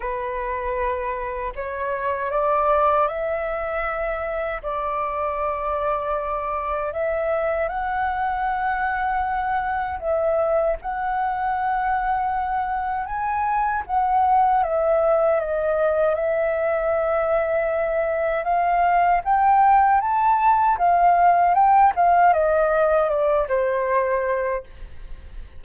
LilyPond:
\new Staff \with { instrumentName = "flute" } { \time 4/4 \tempo 4 = 78 b'2 cis''4 d''4 | e''2 d''2~ | d''4 e''4 fis''2~ | fis''4 e''4 fis''2~ |
fis''4 gis''4 fis''4 e''4 | dis''4 e''2. | f''4 g''4 a''4 f''4 | g''8 f''8 dis''4 d''8 c''4. | }